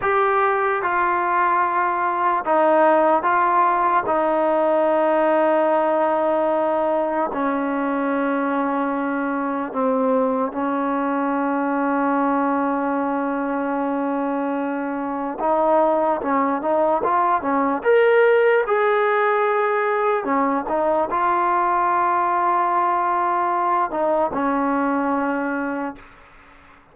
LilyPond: \new Staff \with { instrumentName = "trombone" } { \time 4/4 \tempo 4 = 74 g'4 f'2 dis'4 | f'4 dis'2.~ | dis'4 cis'2. | c'4 cis'2.~ |
cis'2. dis'4 | cis'8 dis'8 f'8 cis'8 ais'4 gis'4~ | gis'4 cis'8 dis'8 f'2~ | f'4. dis'8 cis'2 | }